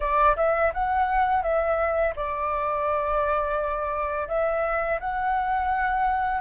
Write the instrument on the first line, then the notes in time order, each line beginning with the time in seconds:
flute
0.00 D5
0.36 E5
0.73 F#5
1.42 E5
2.16 D5
4.28 E5
4.99 F#5